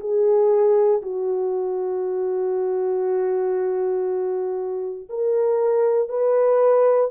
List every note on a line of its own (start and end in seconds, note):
0.00 1.02 G#4
1.02 5.09 F#4
5.09 6.09 A#4
6.09 7.10 B4